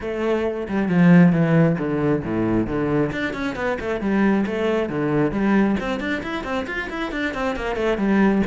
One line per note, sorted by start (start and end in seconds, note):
0.00 0.67 A3
0.68 0.88 G3
0.88 1.32 F3
1.32 1.77 E3
1.78 2.23 D3
2.23 2.66 A2
2.66 3.11 D3
3.12 3.33 D4
3.33 3.55 C#4
3.55 3.78 B3
3.80 4.00 A3
4.00 4.45 G3
4.45 4.89 A3
4.89 5.31 D3
5.31 5.76 G3
5.80 6.00 C4
6.00 6.22 D4
6.22 6.43 E4
6.43 6.66 C4
6.66 6.88 F4
6.89 7.11 E4
7.11 7.33 D4
7.33 7.56 C4
7.56 7.76 A#3
7.76 7.97 A3
7.97 8.42 G3